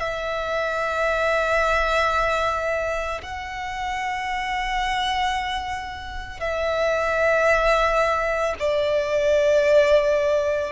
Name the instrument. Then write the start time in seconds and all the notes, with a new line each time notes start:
violin
0.00 E5
3.23 F#5
6.40 E5
8.60 D5